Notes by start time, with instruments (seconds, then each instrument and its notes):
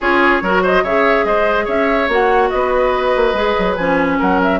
0.00 bassoon C#4, clarinet F4, oboe G#4, flute C#5
0.42 bassoon F#3, clarinet F#4, oboe A#4
0.62 oboe C5, flute D#5
0.83 bassoon C#3, clarinet G#4, oboe C#5, flute E5
1.24 bassoon G#3, oboe C5, flute D#5
1.64 bassoon C#4, oboe C#5, flute E5
2.08 bassoon A#3, clarinet F#4, flute F#5
2.49 bassoon B3, oboe B4, flute D#5
3.16 bassoon A#3
3.33 bassoon G#3, clarinet G#4
3.58 bassoon F#3
3.75 bassoon F3, clarinet C#4, flute G#5
4.19 bassoon F#3, oboe A#4, flute F#5
4.42 flute E5